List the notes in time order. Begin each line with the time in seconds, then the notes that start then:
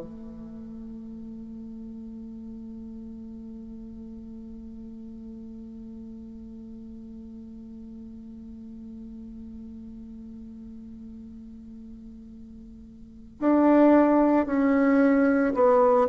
0.00 A3
13.40 D4
14.46 C#4
15.55 B3